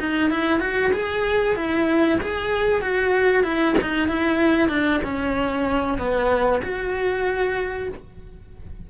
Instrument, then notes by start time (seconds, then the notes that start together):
cello
0.00 D#4
0.30 E4
0.60 F#4
0.93 G#4
1.56 E4
2.22 G#4
2.82 F#4
3.44 E4
3.82 D#4
4.09 E4
4.69 D4
5.04 C#4
5.99 B3
6.63 F#4